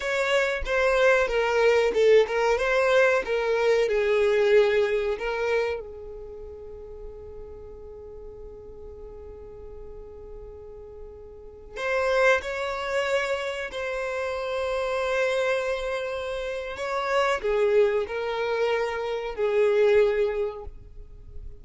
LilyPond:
\new Staff \with { instrumentName = "violin" } { \time 4/4 \tempo 4 = 93 cis''4 c''4 ais'4 a'8 ais'8 | c''4 ais'4 gis'2 | ais'4 gis'2.~ | gis'1~ |
gis'2~ gis'16 c''4 cis''8.~ | cis''4~ cis''16 c''2~ c''8.~ | c''2 cis''4 gis'4 | ais'2 gis'2 | }